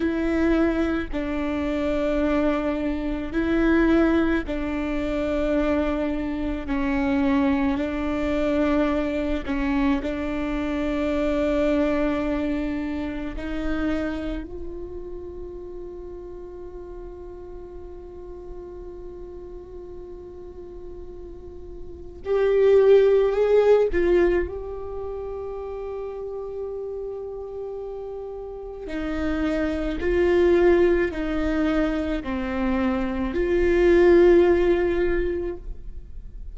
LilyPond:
\new Staff \with { instrumentName = "viola" } { \time 4/4 \tempo 4 = 54 e'4 d'2 e'4 | d'2 cis'4 d'4~ | d'8 cis'8 d'2. | dis'4 f'2.~ |
f'1 | g'4 gis'8 f'8 g'2~ | g'2 dis'4 f'4 | dis'4 c'4 f'2 | }